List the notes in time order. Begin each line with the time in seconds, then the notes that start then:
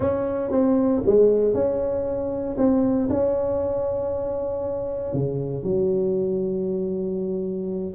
0.00 C#4
0.51 C4
1.05 G#3
1.53 C#4
2.57 C4
3.09 C#4
5.13 C#3
5.63 F#3